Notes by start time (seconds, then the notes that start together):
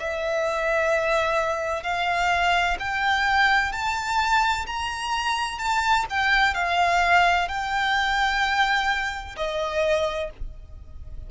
0.00 E5
1.83 F5
2.80 G5
3.72 A5
4.67 A#5
5.59 A5
6.10 G5
6.55 F5
7.48 G5
9.37 D#5